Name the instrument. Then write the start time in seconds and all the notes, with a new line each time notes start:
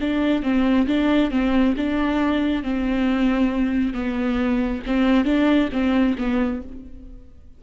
viola
0.00 D4
0.43 C4
0.87 D4
1.31 C4
1.76 D4
2.63 C4
3.93 B3
4.86 C4
5.25 D4
5.72 C4
6.18 B3